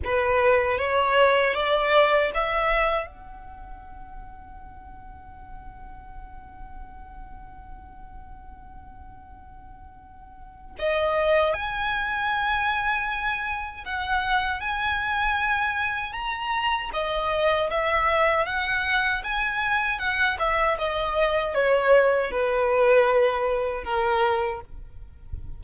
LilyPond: \new Staff \with { instrumentName = "violin" } { \time 4/4 \tempo 4 = 78 b'4 cis''4 d''4 e''4 | fis''1~ | fis''1~ | fis''2 dis''4 gis''4~ |
gis''2 fis''4 gis''4~ | gis''4 ais''4 dis''4 e''4 | fis''4 gis''4 fis''8 e''8 dis''4 | cis''4 b'2 ais'4 | }